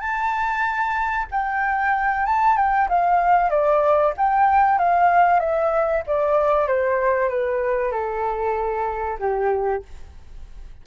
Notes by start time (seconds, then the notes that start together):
0.00 A5
1.31 G5
2.26 A5
2.57 G5
2.89 F5
3.50 D5
4.17 G5
4.79 F5
5.40 E5
6.07 D5
6.68 C5
7.29 B4
7.92 A4
9.19 G4